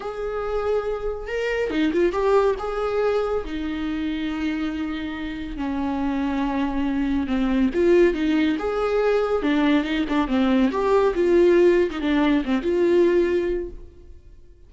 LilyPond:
\new Staff \with { instrumentName = "viola" } { \time 4/4 \tempo 4 = 140 gis'2. ais'4 | dis'8 f'8 g'4 gis'2 | dis'1~ | dis'4 cis'2.~ |
cis'4 c'4 f'4 dis'4 | gis'2 d'4 dis'8 d'8 | c'4 g'4 f'4.~ f'16 dis'16 | d'4 c'8 f'2~ f'8 | }